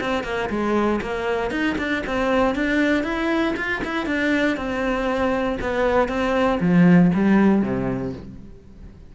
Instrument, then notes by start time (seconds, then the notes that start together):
cello
0.00 C4
0.24 A#3
0.49 G#3
1.01 A#3
1.50 D#4
1.78 D4
2.06 C4
2.55 D4
3.03 E4
3.56 F4
3.84 E4
4.06 D4
4.56 C4
5.60 B3
6.08 C4
6.60 F3
7.14 G3
7.62 C3